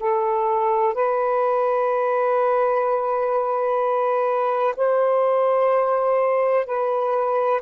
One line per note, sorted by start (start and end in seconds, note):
0.00 0.94 A4
0.94 4.75 B4
4.77 6.66 C5
6.66 7.61 B4